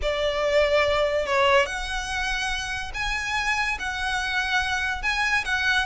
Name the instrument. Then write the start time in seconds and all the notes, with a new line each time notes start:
violin
0.02 D5
1.25 C#5
1.66 F#5
2.94 G#5
3.79 F#5
5.02 G#5
5.44 F#5